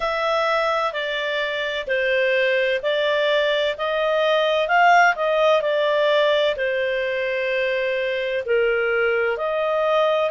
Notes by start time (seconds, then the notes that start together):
0.00 E5
0.92 D5
1.87 C5
2.82 D5
3.77 D#5
4.67 F5
5.15 D#5
5.61 D5
6.56 C5
8.45 A#4
9.37 D#5